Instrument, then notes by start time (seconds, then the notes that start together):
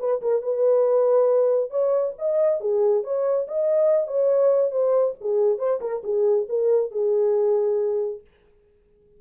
horn
0.00 B4
0.22 A#4
0.42 B4
1.71 C#5
2.19 D#5
2.61 G#4
3.04 C#5
3.48 D#5
4.08 C#5
4.71 C5
5.21 G#4
5.59 C5
5.81 A#4
6.04 G#4
6.49 A#4
6.92 G#4